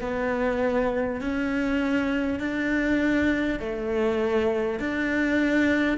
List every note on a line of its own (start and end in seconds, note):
0.00 1.20 B3
1.20 2.39 C#4
2.39 3.59 D4
3.59 4.79 A3
4.79 5.97 D4